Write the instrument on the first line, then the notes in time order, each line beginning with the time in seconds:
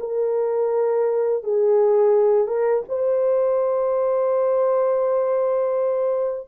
horn
0.00 A#4
1.44 G#4
2.48 A#4
2.89 C5